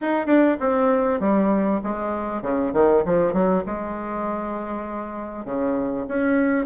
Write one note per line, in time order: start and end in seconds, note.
0.01 0.26 D#4
0.26 0.56 D4
0.60 1.20 C4
1.20 1.80 G3
1.83 2.42 G#3
2.42 2.72 C#3
2.73 3.03 D#3
3.05 3.33 F3
3.33 3.63 F#3
3.66 5.45 G#3
5.45 6.05 C#3
6.08 6.65 C#4